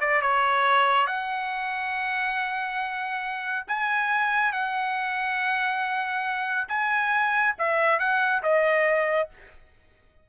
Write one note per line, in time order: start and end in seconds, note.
0.00 0.21 D5
0.21 1.06 C#5
1.06 3.65 F#5
3.67 4.52 G#5
4.52 6.68 F#5
6.68 7.54 G#5
7.58 7.99 E5
7.99 8.42 F#5
8.43 9.29 D#5